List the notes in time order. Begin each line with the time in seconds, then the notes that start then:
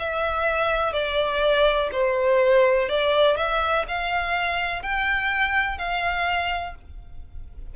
0.00 E5
0.93 D5
1.92 C5
2.89 D5
3.37 E5
3.88 F5
4.83 G5
5.78 F5